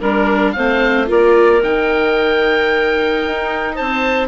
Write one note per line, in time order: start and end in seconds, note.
0.00 0.55 G3
0.00 0.56 D4
0.00 0.54 A#4
0.00 0.52 A#4
0.52 1.10 A3
0.52 1.06 C4
0.52 1.08 C5
0.52 1.05 F5
1.06 1.62 A#3
1.06 1.60 F4
1.06 3.75 A#4
1.06 1.63 D5
1.62 3.23 D#3
1.62 4.27 D#4
1.62 3.76 G5
3.27 3.80 D#4
3.75 4.27 C4
3.75 4.27 C5
3.75 4.27 A5